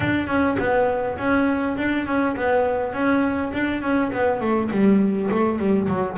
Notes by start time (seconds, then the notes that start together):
0.00 D4
0.27 C#4
0.59 B3
1.18 C#4
1.77 D4
2.06 C#4
2.36 B3
2.93 C#4
3.52 D4
3.82 C#4
4.11 B3
4.40 A3
4.70 G3
5.31 A3
5.58 G3
5.88 F#3